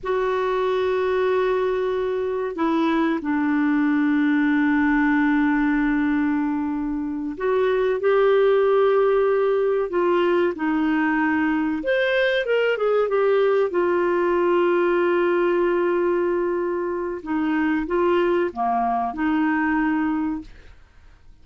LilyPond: \new Staff \with { instrumentName = "clarinet" } { \time 4/4 \tempo 4 = 94 fis'1 | e'4 d'2.~ | d'2.~ d'8 fis'8~ | fis'8 g'2. f'8~ |
f'8 dis'2 c''4 ais'8 | gis'8 g'4 f'2~ f'8~ | f'2. dis'4 | f'4 ais4 dis'2 | }